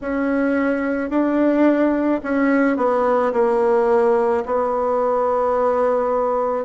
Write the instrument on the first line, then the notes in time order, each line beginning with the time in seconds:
bassoon
0.01 C#4
1.10 D4
2.23 C#4
2.76 B3
3.32 A#3
4.45 B3